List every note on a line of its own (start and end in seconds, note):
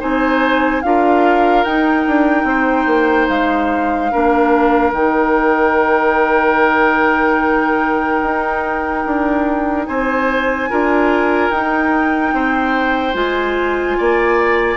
0.00 0.84 C4
0.00 0.82 D#4
0.00 0.82 C5
0.00 0.82 G#5
0.82 1.65 D4
0.82 1.66 F4
0.82 2.47 A#4
0.82 1.64 F5
1.64 2.06 D#4
1.64 4.11 D#4
1.64 3.28 G5
2.07 2.44 D4
2.44 2.85 C4
2.44 4.12 C5
2.86 3.28 A#3
3.28 4.11 G#3
3.28 4.93 F5
4.11 4.92 A#3
4.11 4.93 D4
4.11 9.87 A#4
4.92 8.21 D#3
4.92 10.70 D#4
4.92 9.87 G5
8.23 9.05 D#4
9.05 9.87 D4
9.87 10.70 C4
9.87 10.70 C5
9.87 11.51 G#5
10.70 11.50 D4
10.70 11.53 F4
10.70 12.34 A#4
11.50 12.32 D#4
11.50 13.14 D#4
11.50 13.15 G5
12.33 13.14 C4
12.33 13.98 C5
13.14 13.96 G#3
13.14 14.77 F4
13.14 14.77 G#5
13.98 14.77 A#3
13.98 14.77 D5